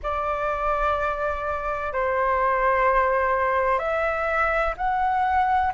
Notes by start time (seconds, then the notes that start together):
0.03 D5
1.93 C5
3.78 E5
4.77 F#5